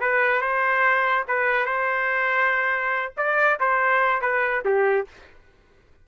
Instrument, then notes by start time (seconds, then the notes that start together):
trumpet
0.00 B4
0.41 C5
1.28 B4
1.66 C5
3.17 D5
3.60 C5
4.21 B4
4.65 G4